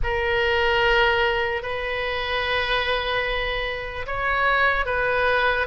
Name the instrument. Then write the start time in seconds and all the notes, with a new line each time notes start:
oboe
0.03 A#4
1.62 B4
4.06 C#5
4.85 B4